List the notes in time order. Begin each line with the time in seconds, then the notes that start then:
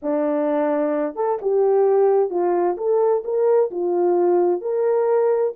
0.02 D4
1.15 A4
1.41 G4
2.30 F4
2.77 A4
3.24 A#4
3.70 F4
4.61 A#4